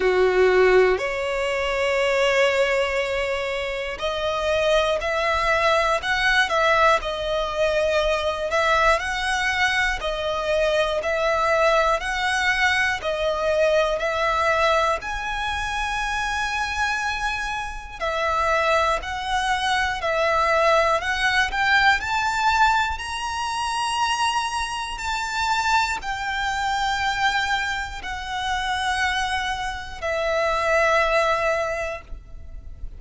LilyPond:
\new Staff \with { instrumentName = "violin" } { \time 4/4 \tempo 4 = 60 fis'4 cis''2. | dis''4 e''4 fis''8 e''8 dis''4~ | dis''8 e''8 fis''4 dis''4 e''4 | fis''4 dis''4 e''4 gis''4~ |
gis''2 e''4 fis''4 | e''4 fis''8 g''8 a''4 ais''4~ | ais''4 a''4 g''2 | fis''2 e''2 | }